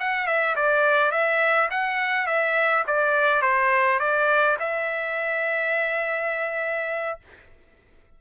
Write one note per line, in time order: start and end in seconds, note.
0.00 0.27 F#5
0.27 0.56 E5
0.56 1.12 D5
1.12 1.69 E5
1.71 2.27 F#5
2.27 2.85 E5
2.87 3.42 D5
3.42 4.00 C5
4.00 4.58 D5
4.60 7.19 E5